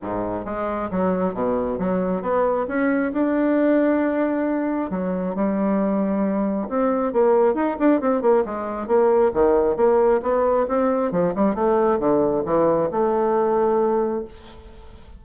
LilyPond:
\new Staff \with { instrumentName = "bassoon" } { \time 4/4 \tempo 4 = 135 gis,4 gis4 fis4 b,4 | fis4 b4 cis'4 d'4~ | d'2. fis4 | g2. c'4 |
ais4 dis'8 d'8 c'8 ais8 gis4 | ais4 dis4 ais4 b4 | c'4 f8 g8 a4 d4 | e4 a2. | }